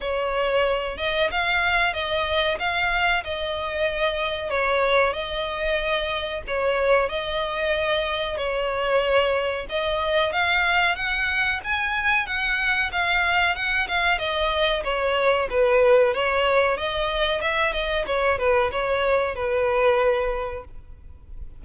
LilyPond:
\new Staff \with { instrumentName = "violin" } { \time 4/4 \tempo 4 = 93 cis''4. dis''8 f''4 dis''4 | f''4 dis''2 cis''4 | dis''2 cis''4 dis''4~ | dis''4 cis''2 dis''4 |
f''4 fis''4 gis''4 fis''4 | f''4 fis''8 f''8 dis''4 cis''4 | b'4 cis''4 dis''4 e''8 dis''8 | cis''8 b'8 cis''4 b'2 | }